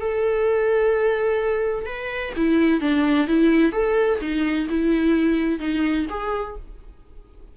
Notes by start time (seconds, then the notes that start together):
0.00 A4
1.86 B4
2.36 E4
2.80 D4
3.27 E4
3.72 A4
4.21 D#4
4.69 E4
5.59 D#4
6.09 G#4